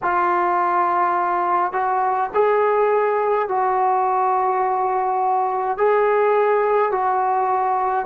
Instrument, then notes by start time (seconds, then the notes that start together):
trombone
0.02 F4
1.72 F#4
2.33 G#4
3.48 F#4
5.77 G#4
6.91 F#4